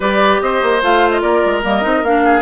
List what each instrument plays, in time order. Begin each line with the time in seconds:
0.00 bassoon G3, clarinet G4, oboe B4, flute D5
0.41 bassoon C4, oboe C5, flute D#5
0.62 bassoon A#3
0.82 bassoon A3, clarinet F4, flute F5
1.10 flute D#5
1.21 bassoon A#3, oboe A#4, flute D5
1.45 bassoon G#3
1.63 bassoon G3, clarinet A#3, flute D#5
1.82 bassoon C4, clarinet D#4
2.02 bassoon A#3, clarinet D4, flute F5
2.24 oboe G#4